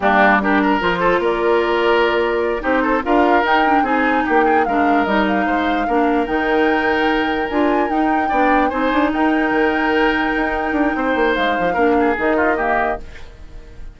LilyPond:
<<
  \new Staff \with { instrumentName = "flute" } { \time 4/4 \tempo 4 = 148 g'4 ais'4 c''4 d''4~ | d''2~ d''8 c''4 f''8~ | f''8 g''4 gis''4 g''4 f''8~ | f''8 dis''8 f''2~ f''8 g''8~ |
g''2~ g''8 gis''4 g''8~ | g''4. gis''4 g''4.~ | g''1 | f''2 dis''2 | }
  \new Staff \with { instrumentName = "oboe" } { \time 4/4 d'4 g'8 ais'4 a'8 ais'4~ | ais'2~ ais'8 g'8 a'8 ais'8~ | ais'4. gis'4 g'8 gis'8 ais'8~ | ais'4. c''4 ais'4.~ |
ais'1~ | ais'8 d''4 c''4 ais'4.~ | ais'2. c''4~ | c''4 ais'8 gis'4 f'8 g'4 | }
  \new Staff \with { instrumentName = "clarinet" } { \time 4/4 ais4 d'4 f'2~ | f'2~ f'8 dis'4 f'8~ | f'8 dis'8 d'8 dis'2 d'8~ | d'8 dis'2 d'4 dis'8~ |
dis'2~ dis'8 f'4 dis'8~ | dis'8 d'4 dis'2~ dis'8~ | dis'1~ | dis'4 d'4 dis'4 ais4 | }
  \new Staff \with { instrumentName = "bassoon" } { \time 4/4 g2 f4 ais4~ | ais2~ ais8 c'4 d'8~ | d'8 dis'4 c'4 ais4 gis8~ | gis8 g4 gis4 ais4 dis8~ |
dis2~ dis8 d'4 dis'8~ | dis'8 b4 c'8 d'8 dis'4 dis8~ | dis4. dis'4 d'8 c'8 ais8 | gis8 f8 ais4 dis2 | }
>>